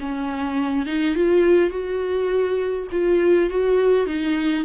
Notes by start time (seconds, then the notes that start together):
0.00 C#4
0.86 D#4
1.15 F4
1.70 F#4
2.91 F4
3.50 F#4
4.06 D#4